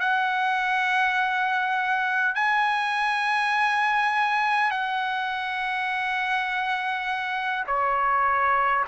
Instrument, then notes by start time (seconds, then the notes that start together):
trumpet
0.00 F#5
2.36 G#5
4.71 F#5
7.67 C#5